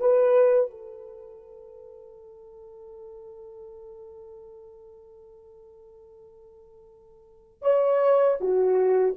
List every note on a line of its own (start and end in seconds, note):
0.00 0.70 B4
0.70 7.62 A4
7.62 8.37 C#5
8.40 9.15 F#4